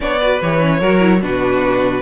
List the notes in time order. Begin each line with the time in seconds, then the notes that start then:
0.00 B3 D4 C#5 D5
0.20 F#4 B4
0.41 E3 G4 C#5
0.59 C#4
0.79 F#3 F#4 A#4
1.00 E4
1.21 B2 D4 F#4 B4